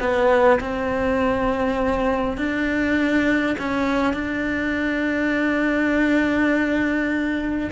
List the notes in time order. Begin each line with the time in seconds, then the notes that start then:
0.00 B3
0.60 C4
2.37 D4
3.59 C#4
4.13 D4